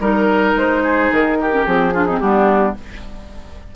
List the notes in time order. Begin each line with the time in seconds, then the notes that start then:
0.00 G3 D#4 A#4
0.56 G#3 C5
0.83 G#4
1.12 D#3 A#4
1.41 G4
1.51 C#4
1.66 F3 C4 G#4
1.94 D4 F4
2.05 C4 D#4
2.19 G3 B3 D4 G4